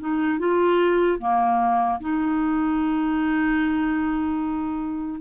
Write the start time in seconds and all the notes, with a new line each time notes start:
0.00 D#4
0.39 F4
1.19 A#3
2.00 D#4